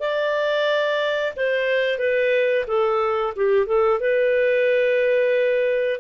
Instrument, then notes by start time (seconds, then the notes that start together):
clarinet
0.00 D5
1.37 C5
1.99 B4
2.67 A4
3.36 G4
3.67 A4
4.00 B4